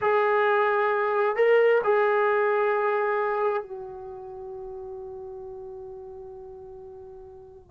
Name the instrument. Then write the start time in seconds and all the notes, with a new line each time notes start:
trombone
0.01 G#4
1.36 A#4
1.84 G#4
3.62 F#4